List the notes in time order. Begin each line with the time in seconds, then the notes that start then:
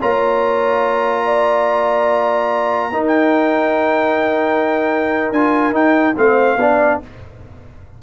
0.00 A#3 F4 C#5 A#5
1.25 D5
2.91 D#4 A#4
3.07 G5
5.32 D4 F4 G#5
5.71 D#4 G5
6.17 A3 C4 C5 F5
6.57 B3 D4 D5